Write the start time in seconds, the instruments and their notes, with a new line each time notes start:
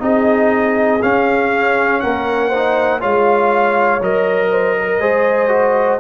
0.00 tuba C4, trombone D#4, horn G#4, trumpet D#5
1.02 trombone C#4, tuba C#4, trumpet F5
2.00 tuba A#3, horn A#4, trumpet F#5
2.49 trombone D#4, horn C5
3.00 tuba G#3, trombone F4, horn C#5, trumpet F5
4.01 tuba F#3, trombone A#4, trumpet D#5
4.51 horn C5
4.79 horn A#4
5.00 tuba G#3, trombone G#4, horn C5
5.49 trombone F#4